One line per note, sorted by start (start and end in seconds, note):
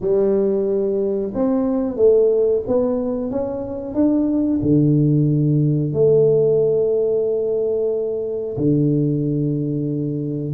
0.00 1.32 G3
1.34 1.96 C4
1.96 2.62 A3
2.67 3.30 B3
3.30 3.94 C#4
3.94 4.60 D4
4.62 5.93 D3
5.93 8.57 A3
8.57 10.53 D3